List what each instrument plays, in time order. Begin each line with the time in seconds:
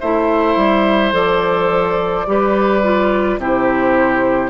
0.00 bassoon A3, clarinet E4, oboe C5, flute E5
0.56 bassoon G3
1.12 bassoon F3, clarinet A4, flute D5
2.26 bassoon G3, clarinet G4, oboe B4
2.83 clarinet F4
3.38 bassoon C3, clarinet E4, oboe G4, flute C5